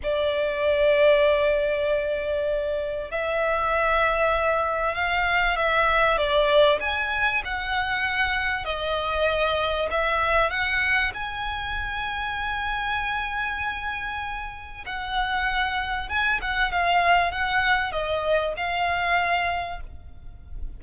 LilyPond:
\new Staff \with { instrumentName = "violin" } { \time 4/4 \tempo 4 = 97 d''1~ | d''4 e''2. | f''4 e''4 d''4 gis''4 | fis''2 dis''2 |
e''4 fis''4 gis''2~ | gis''1 | fis''2 gis''8 fis''8 f''4 | fis''4 dis''4 f''2 | }